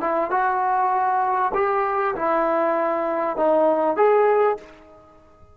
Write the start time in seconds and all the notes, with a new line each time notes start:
0.00 E4
0.30 F#4
1.54 G4
2.15 E4
3.36 D#4
3.96 G#4